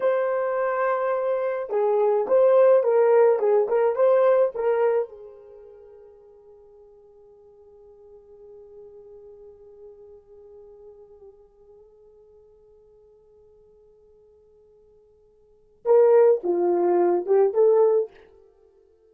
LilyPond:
\new Staff \with { instrumentName = "horn" } { \time 4/4 \tempo 4 = 106 c''2. gis'4 | c''4 ais'4 gis'8 ais'8 c''4 | ais'4 gis'2.~ | gis'1~ |
gis'1~ | gis'1~ | gis'1 | ais'4 f'4. g'8 a'4 | }